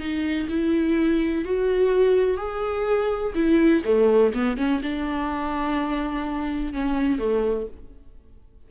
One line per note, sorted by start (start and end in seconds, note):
0.00 0.48 D#4
0.50 1.45 E4
1.45 2.38 F#4
2.38 3.34 G#4
3.35 3.83 E4
3.85 4.33 A3
4.34 4.58 B3
4.58 4.82 C#4
4.83 6.74 D4
6.74 7.19 C#4
7.19 7.67 A3